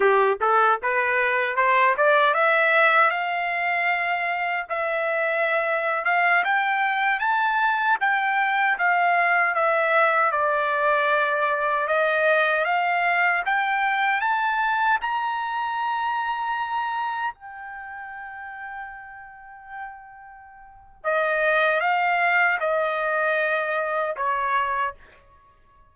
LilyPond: \new Staff \with { instrumentName = "trumpet" } { \time 4/4 \tempo 4 = 77 g'8 a'8 b'4 c''8 d''8 e''4 | f''2 e''4.~ e''16 f''16~ | f''16 g''4 a''4 g''4 f''8.~ | f''16 e''4 d''2 dis''8.~ |
dis''16 f''4 g''4 a''4 ais''8.~ | ais''2~ ais''16 g''4.~ g''16~ | g''2. dis''4 | f''4 dis''2 cis''4 | }